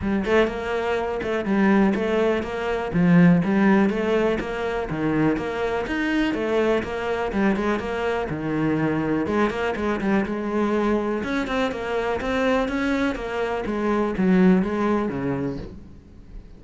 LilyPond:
\new Staff \with { instrumentName = "cello" } { \time 4/4 \tempo 4 = 123 g8 a8 ais4. a8 g4 | a4 ais4 f4 g4 | a4 ais4 dis4 ais4 | dis'4 a4 ais4 g8 gis8 |
ais4 dis2 gis8 ais8 | gis8 g8 gis2 cis'8 c'8 | ais4 c'4 cis'4 ais4 | gis4 fis4 gis4 cis4 | }